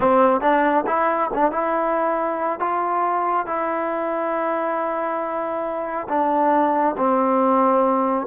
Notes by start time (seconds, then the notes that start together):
0.00 C4
0.40 D4
0.87 E4
1.33 D4
1.51 E4
2.59 F4
3.46 E4
6.08 D4
6.97 C4